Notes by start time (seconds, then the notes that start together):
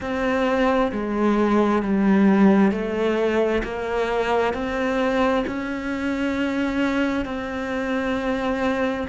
0.00 C4
0.92 G#3
1.82 G3
2.71 A3
3.63 A#3
4.53 C4
5.46 C#4
7.25 C4